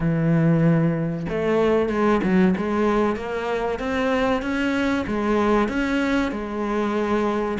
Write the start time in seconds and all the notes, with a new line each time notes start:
0.00 E3
1.29 A3
1.89 G#3
2.22 F#3
2.57 G#3
3.16 A#3
3.79 C4
4.42 C#4
5.07 G#3
5.68 C#4
6.31 G#3